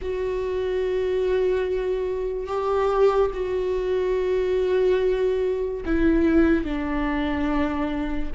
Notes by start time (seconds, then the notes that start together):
0.01 F#4
2.47 G4
3.33 F#4
5.85 E4
6.64 D4